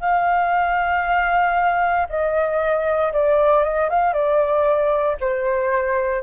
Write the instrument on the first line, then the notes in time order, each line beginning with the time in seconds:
flute
0.00 F5
2.09 D#5
3.12 D5
3.63 D#5
3.89 F5
4.13 D5
5.20 C5